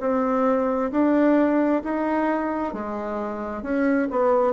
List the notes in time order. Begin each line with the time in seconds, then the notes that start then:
0.00 C4
0.91 D4
1.83 D#4
2.73 G#3
3.62 C#4
4.10 B3